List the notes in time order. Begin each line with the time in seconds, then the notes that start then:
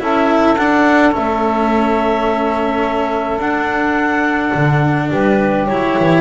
0.00 C#4 E4 A4 E5
0.57 D4 F#5
1.12 A3 C#4 E5
3.39 D4 F#5
4.55 D3
5.10 G3 G4 B4
5.67 F#3 E4 C#5
5.99 E3